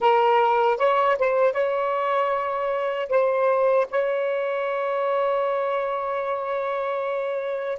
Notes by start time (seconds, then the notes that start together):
0.00 A#4
0.77 C#5
1.18 C5
1.53 C#5
3.09 C5
3.90 C#5